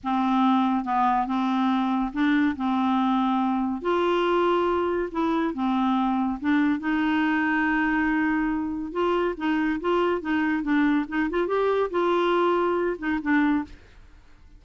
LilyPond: \new Staff \with { instrumentName = "clarinet" } { \time 4/4 \tempo 4 = 141 c'2 b4 c'4~ | c'4 d'4 c'2~ | c'4 f'2. | e'4 c'2 d'4 |
dis'1~ | dis'4 f'4 dis'4 f'4 | dis'4 d'4 dis'8 f'8 g'4 | f'2~ f'8 dis'8 d'4 | }